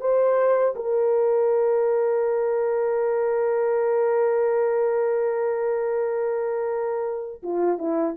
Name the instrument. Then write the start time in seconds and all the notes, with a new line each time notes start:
horn
0.00 C5
0.75 A#4
7.42 F4
7.78 E4